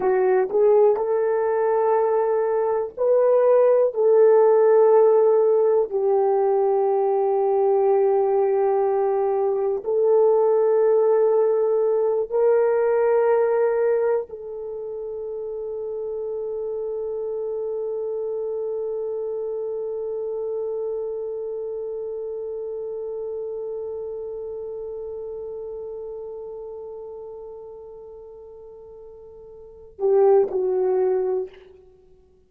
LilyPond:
\new Staff \with { instrumentName = "horn" } { \time 4/4 \tempo 4 = 61 fis'8 gis'8 a'2 b'4 | a'2 g'2~ | g'2 a'2~ | a'8 ais'2 a'4.~ |
a'1~ | a'1~ | a'1~ | a'2~ a'8 g'8 fis'4 | }